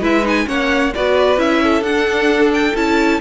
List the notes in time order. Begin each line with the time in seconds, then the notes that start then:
0.00 G#3 E4 B4 E5
0.23 D#4 G#5
0.45 A#3 C#4 C#5 F#5
0.94 B3 F#4 B4 D5
1.37 C#4 E4 E5
1.63 A4
1.81 D4 F#5
1.88 D4
2.53 G5
2.75 C#4 E4 A5